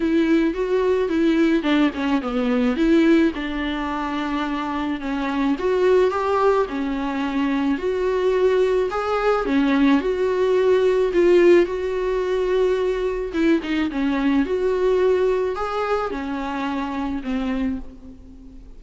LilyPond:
\new Staff \with { instrumentName = "viola" } { \time 4/4 \tempo 4 = 108 e'4 fis'4 e'4 d'8 cis'8 | b4 e'4 d'2~ | d'4 cis'4 fis'4 g'4 | cis'2 fis'2 |
gis'4 cis'4 fis'2 | f'4 fis'2. | e'8 dis'8 cis'4 fis'2 | gis'4 cis'2 c'4 | }